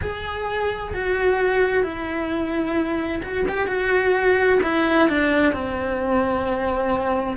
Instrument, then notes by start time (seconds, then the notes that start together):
cello
0.01 G#4
0.93 F#4
1.83 E4
3.22 F#4
3.48 G4
3.67 F#4
4.62 E4
5.08 D4
5.52 C4